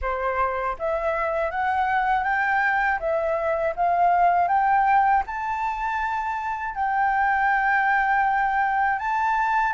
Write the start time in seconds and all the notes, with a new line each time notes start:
0.01 C5
0.79 E5
1.50 F#5
2.23 G5
2.99 E5
3.76 F5
4.48 G5
5.26 A5
6.74 G5
8.99 A5